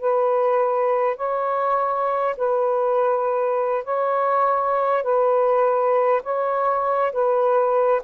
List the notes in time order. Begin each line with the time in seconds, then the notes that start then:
0.00 B4
1.17 C#5
2.37 B4
3.84 C#5
5.03 B4
6.23 C#5
7.13 B4